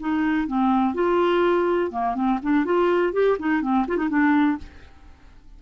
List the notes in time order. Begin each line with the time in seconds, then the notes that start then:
0.00 D#4
0.48 C4
0.95 F4
1.91 A#3
2.15 C4
2.43 D4
2.65 F4
3.13 G4
3.39 D#4
3.62 C4
3.88 F4
3.97 D#4
4.10 D4